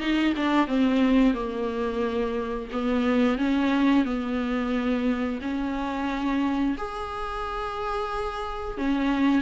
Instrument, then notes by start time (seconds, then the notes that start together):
viola
0.00 D#4
0.37 D4
0.67 C4
1.34 A#3
2.72 B3
3.38 C#4
4.05 B3
5.42 C#4
6.78 G#4
8.78 C#4